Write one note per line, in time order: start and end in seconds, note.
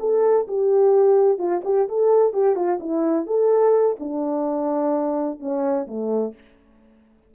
0.00 0.47 A4
0.48 1.38 G4
1.38 1.62 F4
1.65 1.88 G4
1.89 2.33 A4
2.33 2.56 G4
2.56 2.79 F4
2.80 3.27 E4
3.27 3.97 A4
4.00 5.40 D4
5.40 5.87 C#4
5.88 6.35 A3